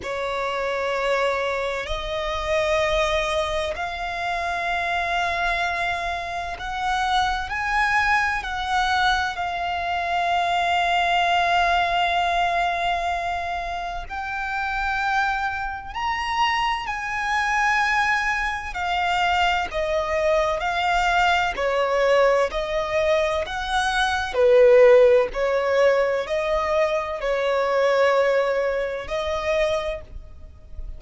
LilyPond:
\new Staff \with { instrumentName = "violin" } { \time 4/4 \tempo 4 = 64 cis''2 dis''2 | f''2. fis''4 | gis''4 fis''4 f''2~ | f''2. g''4~ |
g''4 ais''4 gis''2 | f''4 dis''4 f''4 cis''4 | dis''4 fis''4 b'4 cis''4 | dis''4 cis''2 dis''4 | }